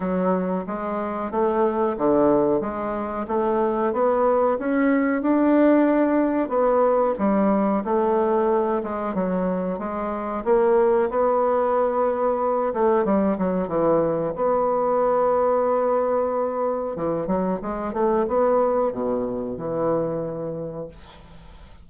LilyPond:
\new Staff \with { instrumentName = "bassoon" } { \time 4/4 \tempo 4 = 92 fis4 gis4 a4 d4 | gis4 a4 b4 cis'4 | d'2 b4 g4 | a4. gis8 fis4 gis4 |
ais4 b2~ b8 a8 | g8 fis8 e4 b2~ | b2 e8 fis8 gis8 a8 | b4 b,4 e2 | }